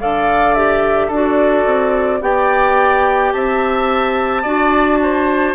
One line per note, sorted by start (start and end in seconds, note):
0.00 1.09 D3
0.00 0.56 A4
0.00 1.07 D5
0.00 0.54 F5
0.54 1.12 G4
0.54 1.10 E5
1.07 1.64 D4
1.07 2.18 A4
1.13 2.21 F#4
1.13 2.22 D5
1.66 2.22 C4
2.21 3.33 B3
2.21 4.43 G4
2.21 3.34 D5
2.21 3.33 G5
3.33 4.45 C4
3.33 4.42 E5
3.33 5.55 A5
4.42 5.55 D4
4.42 5.55 F#4
4.42 4.98 D5
5.03 5.55 C5